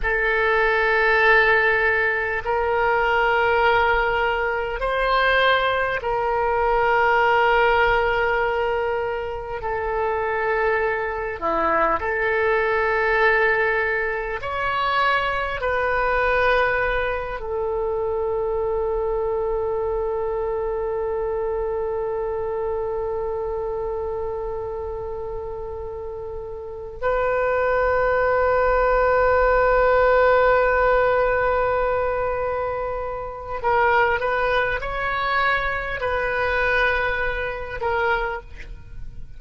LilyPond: \new Staff \with { instrumentName = "oboe" } { \time 4/4 \tempo 4 = 50 a'2 ais'2 | c''4 ais'2. | a'4. e'8 a'2 | cis''4 b'4. a'4.~ |
a'1~ | a'2~ a'8 b'4.~ | b'1 | ais'8 b'8 cis''4 b'4. ais'8 | }